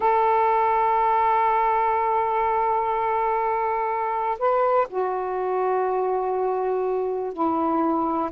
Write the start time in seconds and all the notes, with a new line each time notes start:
0.00 A4
4.38 B4
4.89 F#4
7.33 E4